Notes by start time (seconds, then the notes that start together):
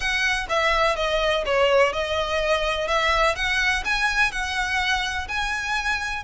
0.00 F#5
0.49 E5
0.96 D#5
1.45 C#5
1.92 D#5
2.87 E5
3.35 F#5
3.84 G#5
4.31 F#5
5.28 G#5